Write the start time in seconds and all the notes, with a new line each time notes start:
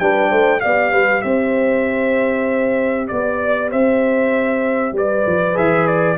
0.00 G3 D4 B4 G5
0.30 A3 C5
0.60 B3 G4 D5 F5
0.92 G3 B4
1.22 C4 C5 E5
3.08 B3 D5
3.71 C4 C5 E5
4.93 G3 B4 D5
5.27 F3
5.55 E3 G#4 E5
5.88 D5